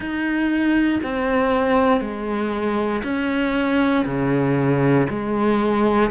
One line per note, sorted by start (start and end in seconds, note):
0.00 0.99 D#4
1.03 2.00 C4
2.00 3.02 G#3
3.03 4.05 C#4
4.05 5.07 C#3
5.09 6.10 G#3